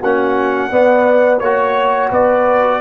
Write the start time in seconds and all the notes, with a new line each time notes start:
0.00 A#3 C#4 F#4 F#5
0.71 B3 D5
1.39 A#3 F#4 C#5
2.10 B3 B4 D5